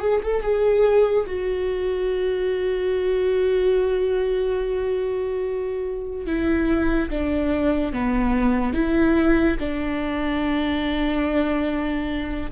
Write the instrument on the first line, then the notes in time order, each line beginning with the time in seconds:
viola
0.00 G#4
0.23 A4
0.42 G#4
1.27 F#4
6.27 E4
7.10 D4
7.93 B3
8.74 E4
9.60 D4